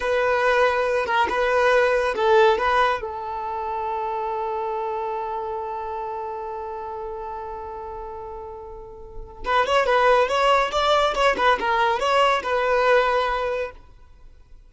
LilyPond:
\new Staff \with { instrumentName = "violin" } { \time 4/4 \tempo 4 = 140 b'2~ b'8 ais'8 b'4~ | b'4 a'4 b'4 a'4~ | a'1~ | a'1~ |
a'1~ | a'2 b'8 cis''8 b'4 | cis''4 d''4 cis''8 b'8 ais'4 | cis''4 b'2. | }